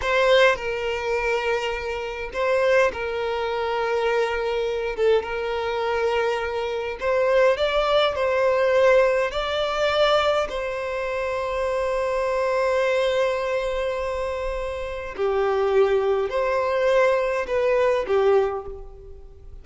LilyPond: \new Staff \with { instrumentName = "violin" } { \time 4/4 \tempo 4 = 103 c''4 ais'2. | c''4 ais'2.~ | ais'8 a'8 ais'2. | c''4 d''4 c''2 |
d''2 c''2~ | c''1~ | c''2 g'2 | c''2 b'4 g'4 | }